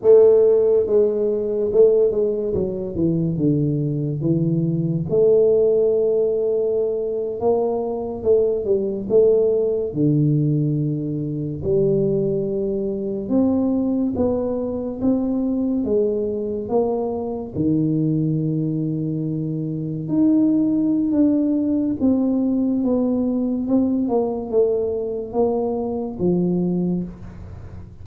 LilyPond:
\new Staff \with { instrumentName = "tuba" } { \time 4/4 \tempo 4 = 71 a4 gis4 a8 gis8 fis8 e8 | d4 e4 a2~ | a8. ais4 a8 g8 a4 d16~ | d4.~ d16 g2 c'16~ |
c'8. b4 c'4 gis4 ais16~ | ais8. dis2. dis'16~ | dis'4 d'4 c'4 b4 | c'8 ais8 a4 ais4 f4 | }